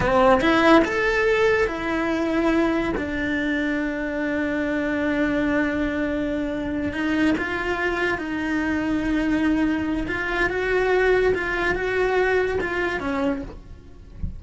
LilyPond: \new Staff \with { instrumentName = "cello" } { \time 4/4 \tempo 4 = 143 c'4 e'4 a'2 | e'2. d'4~ | d'1~ | d'1~ |
d'8 dis'4 f'2 dis'8~ | dis'1 | f'4 fis'2 f'4 | fis'2 f'4 cis'4 | }